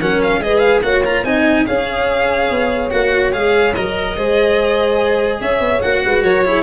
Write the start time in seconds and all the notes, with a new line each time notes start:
0.00 F#3 C#4 A#4 F#5
0.23 F5
0.39 G#3 G#4 B4 D#5
0.59 F5
0.82 A#3 F#4 C#5 F#5
1.05 F4 A#5
1.24 C4 D#4 D#5 G#5
1.66 C#4 G#4 C#5 F5
2.50 B3
2.90 A#3 F#4 F#5
3.33 G#3 G#4 F5
3.74 F#3 A#4 D#5
4.17 G#3 G#4 C5
5.40 C#4 C#5 E5
5.60 B3
5.82 A#3 F#4 F#5
6.05 G#3 B4
6.23 F#3 A#4 C#5
6.45 E4 G#4